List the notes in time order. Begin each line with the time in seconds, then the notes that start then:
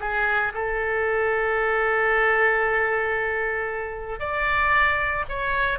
0.00 G#4
0.54 A4
4.20 D5
5.29 C#5